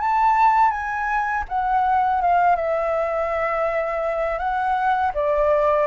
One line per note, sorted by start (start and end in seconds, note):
0.00 0.71 A5
0.71 1.44 G#5
1.48 2.21 F#5
2.21 2.55 F5
2.55 4.38 E5
4.38 5.12 F#5
5.14 5.87 D5